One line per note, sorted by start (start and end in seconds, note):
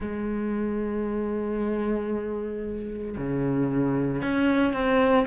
0.00 3.16 G#3
3.17 4.22 C#3
4.22 4.73 C#4
4.73 5.25 C4